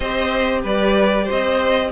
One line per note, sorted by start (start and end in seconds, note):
0.00 0.63 C4
0.00 1.91 G4
0.00 0.61 C5
0.00 0.61 D#5
0.62 1.28 G3
0.62 1.24 B4
0.62 1.29 D5
1.24 1.88 C5
1.24 1.91 D#5
1.31 1.91 C4